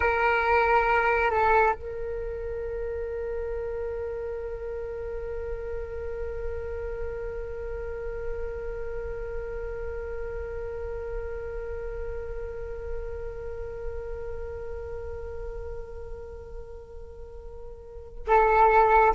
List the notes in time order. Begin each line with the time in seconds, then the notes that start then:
0.00 A#4
1.30 A4
1.74 A#4
18.26 A4